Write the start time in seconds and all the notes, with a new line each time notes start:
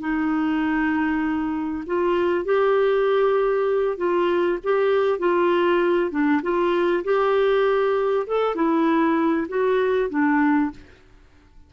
0.00 D#4
1.86 F4
2.45 G4
3.97 F4
4.63 G4
5.19 F4
6.11 D4
6.42 F4
7.04 G4
8.27 A4
8.55 E4
9.48 F#4
10.09 D4